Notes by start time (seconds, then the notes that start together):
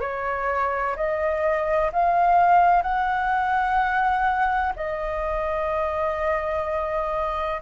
0.00 C#5
0.96 D#5
1.92 F5
2.82 F#5
4.76 D#5